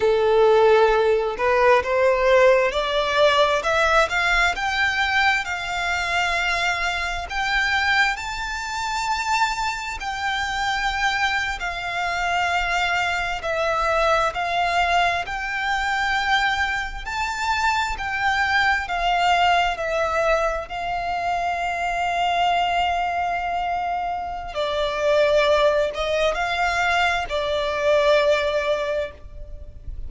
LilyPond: \new Staff \with { instrumentName = "violin" } { \time 4/4 \tempo 4 = 66 a'4. b'8 c''4 d''4 | e''8 f''8 g''4 f''2 | g''4 a''2 g''4~ | g''8. f''2 e''4 f''16~ |
f''8. g''2 a''4 g''16~ | g''8. f''4 e''4 f''4~ f''16~ | f''2. d''4~ | d''8 dis''8 f''4 d''2 | }